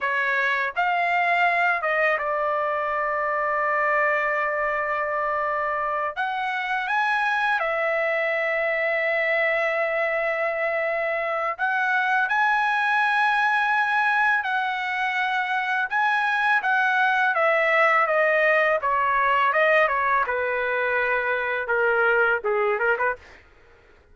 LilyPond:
\new Staff \with { instrumentName = "trumpet" } { \time 4/4 \tempo 4 = 83 cis''4 f''4. dis''8 d''4~ | d''1~ | d''8 fis''4 gis''4 e''4.~ | e''1 |
fis''4 gis''2. | fis''2 gis''4 fis''4 | e''4 dis''4 cis''4 dis''8 cis''8 | b'2 ais'4 gis'8 ais'16 b'16 | }